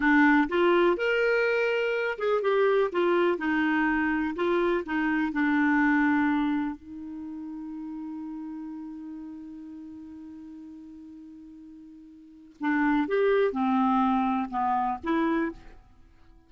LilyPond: \new Staff \with { instrumentName = "clarinet" } { \time 4/4 \tempo 4 = 124 d'4 f'4 ais'2~ | ais'8 gis'8 g'4 f'4 dis'4~ | dis'4 f'4 dis'4 d'4~ | d'2 dis'2~ |
dis'1~ | dis'1~ | dis'2 d'4 g'4 | c'2 b4 e'4 | }